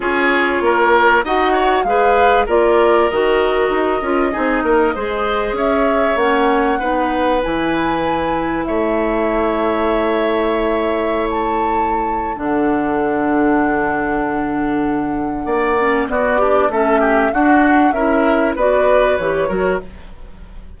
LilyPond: <<
  \new Staff \with { instrumentName = "flute" } { \time 4/4 \tempo 4 = 97 cis''2 fis''4 f''4 | d''4 dis''2.~ | dis''4 e''4 fis''2 | gis''2 e''2~ |
e''2~ e''16 a''4.~ a''16 | fis''1~ | fis''2 d''4 e''4 | fis''4 e''4 d''4 cis''4 | }
  \new Staff \with { instrumentName = "oboe" } { \time 4/4 gis'4 ais'4 dis''8 cis''8 b'4 | ais'2. gis'8 ais'8 | c''4 cis''2 b'4~ | b'2 cis''2~ |
cis''1 | a'1~ | a'4 d''4 fis'8 d'8 a'8 g'8 | fis'4 ais'4 b'4. ais'8 | }
  \new Staff \with { instrumentName = "clarinet" } { \time 4/4 f'2 fis'4 gis'4 | f'4 fis'4. f'8 dis'4 | gis'2 cis'4 dis'4 | e'1~ |
e'1 | d'1~ | d'4. cis'8 b8 g'8 cis'4 | d'4 e'4 fis'4 g'8 fis'8 | }
  \new Staff \with { instrumentName = "bassoon" } { \time 4/4 cis'4 ais4 dis'4 gis4 | ais4 dis4 dis'8 cis'8 c'8 ais8 | gis4 cis'4 ais4 b4 | e2 a2~ |
a1 | d1~ | d4 ais4 b4 a4 | d'4 cis'4 b4 e8 fis8 | }
>>